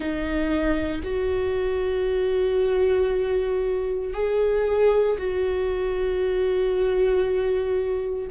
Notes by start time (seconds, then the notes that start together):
0.00 D#4
1.03 F#4
4.13 G#4
5.18 F#4